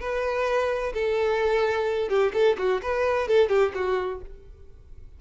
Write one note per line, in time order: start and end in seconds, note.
0.00 0.93 B4
0.94 2.09 A4
2.09 2.32 G4
2.33 2.57 A4
2.58 2.81 F#4
2.82 3.27 B4
3.27 3.49 A4
3.49 3.72 G4
3.74 4.21 F#4